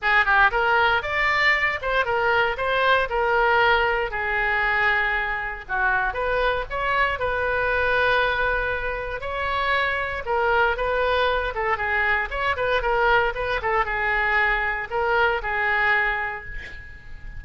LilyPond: \new Staff \with { instrumentName = "oboe" } { \time 4/4 \tempo 4 = 117 gis'8 g'8 ais'4 d''4. c''8 | ais'4 c''4 ais'2 | gis'2. fis'4 | b'4 cis''4 b'2~ |
b'2 cis''2 | ais'4 b'4. a'8 gis'4 | cis''8 b'8 ais'4 b'8 a'8 gis'4~ | gis'4 ais'4 gis'2 | }